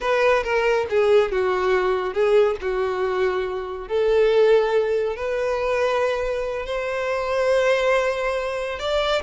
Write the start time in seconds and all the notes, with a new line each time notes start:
0.00 B4
0.43 A#4
0.89 G#4
1.31 F#4
2.13 G#4
2.61 F#4
3.87 A4
5.15 B4
6.66 C5
8.79 D5